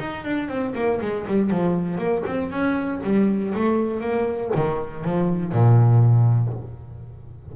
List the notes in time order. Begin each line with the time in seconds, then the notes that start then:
0.00 D#4
0.25 D4
0.49 C4
0.75 A#3
1.02 G#3
1.28 G3
1.51 F3
1.98 A#3
2.27 C4
2.51 C#4
3.03 G3
3.55 A3
4.01 A#3
4.56 D#3
5.05 F3
5.53 A#2